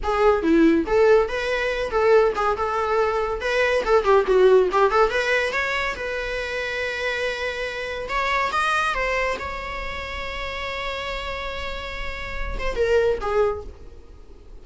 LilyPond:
\new Staff \with { instrumentName = "viola" } { \time 4/4 \tempo 4 = 141 gis'4 e'4 a'4 b'4~ | b'8 a'4 gis'8 a'2 | b'4 a'8 g'8 fis'4 g'8 a'8 | b'4 cis''4 b'2~ |
b'2. cis''4 | dis''4 c''4 cis''2~ | cis''1~ | cis''4. c''8 ais'4 gis'4 | }